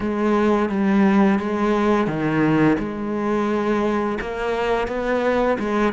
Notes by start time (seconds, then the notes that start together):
0.00 G#3
0.69 G3
1.39 G#3
2.07 D#3
2.78 G#3
4.20 A#3
4.87 B3
5.59 G#3